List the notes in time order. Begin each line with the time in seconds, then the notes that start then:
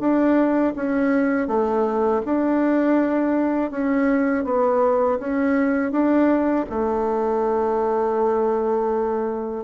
0.00 D4
0.76 C#4
1.48 A3
2.26 D4
3.71 C#4
4.45 B3
5.20 C#4
5.92 D4
6.70 A3